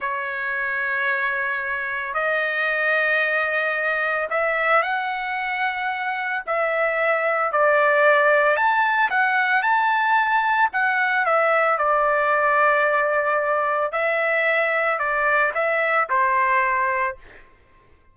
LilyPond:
\new Staff \with { instrumentName = "trumpet" } { \time 4/4 \tempo 4 = 112 cis''1 | dis''1 | e''4 fis''2. | e''2 d''2 |
a''4 fis''4 a''2 | fis''4 e''4 d''2~ | d''2 e''2 | d''4 e''4 c''2 | }